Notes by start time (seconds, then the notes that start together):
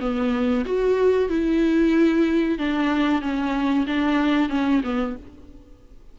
0.00 B3
0.65 F#4
1.29 E4
2.58 D4
3.21 C#4
3.87 D4
4.49 C#4
4.84 B3